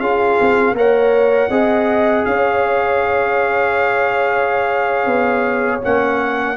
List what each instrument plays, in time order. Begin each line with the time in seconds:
0.00 tuba C#4, trombone F4, horn G#4, trumpet F5
0.40 tuba C4
0.72 tuba A#3, trombone A#4, horn C#5
0.78 trumpet F#5
1.50 tuba C4, trombone G#4, horn D#5
2.25 tuba C#4, horn C#5, trumpet F5
5.06 tuba B3
5.82 tuba A#3, trombone C#4, trumpet F#5